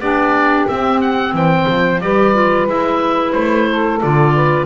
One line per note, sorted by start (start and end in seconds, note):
0.00 0.67 B3
0.00 0.69 D4
0.00 1.34 G4
0.00 0.68 D5
0.68 2.02 C4
0.68 1.33 C4
0.68 1.01 E5
1.01 1.35 F#5
1.33 1.67 E3
1.33 2.03 C5
1.33 2.01 G5
1.69 2.01 F3
2.01 2.67 G3
2.01 2.35 G4
2.01 3.69 B4
2.01 2.68 D5
2.35 2.68 F4
2.67 3.34 G#3
2.67 4.02 E4
2.67 3.32 E5
3.32 4.02 A3
3.32 3.99 C5
3.69 4.34 A4
4.02 4.66 D3
4.02 4.66 F4
4.02 4.66 D5
4.34 4.66 B4